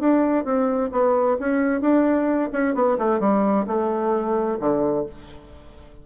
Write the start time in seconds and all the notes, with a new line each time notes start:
0.00 D4
0.45 C4
0.92 B3
1.39 C#4
1.81 D4
2.52 C#4
2.75 B3
2.98 A3
3.20 G3
3.67 A3
4.60 D3